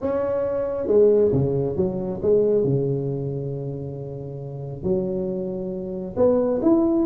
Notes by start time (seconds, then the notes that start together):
0.01 C#4
0.87 G#3
1.32 C#3
1.76 F#3
2.22 G#3
2.64 C#3
4.83 F#3
6.16 B3
6.62 E4